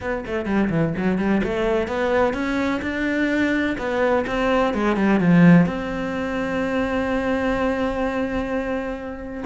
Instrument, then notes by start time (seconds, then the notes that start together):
cello
0.00 B3
0.26 A3
0.45 G3
0.69 E3
0.97 F#3
1.18 G3
1.43 A3
1.87 B3
2.33 C#4
2.82 D4
3.78 B3
4.26 C4
4.74 G#3
4.96 G3
5.19 F3
5.66 C4